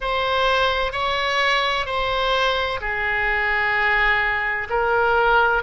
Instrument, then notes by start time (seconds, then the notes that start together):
oboe
0.00 C5
0.92 C#5
1.86 C5
2.80 G#4
4.69 A#4